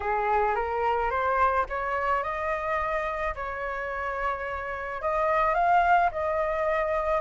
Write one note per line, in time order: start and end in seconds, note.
0.00 0.55 G#4
0.55 1.10 A#4
1.10 1.65 C5
1.69 2.23 C#5
2.23 3.34 D#5
3.35 5.01 C#5
5.01 5.54 D#5
5.54 6.10 F5
6.11 7.21 D#5